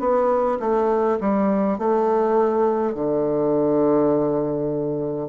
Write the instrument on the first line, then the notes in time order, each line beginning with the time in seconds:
bassoon
0.00 B3
0.60 A3
1.20 G3
1.79 A3
2.95 D3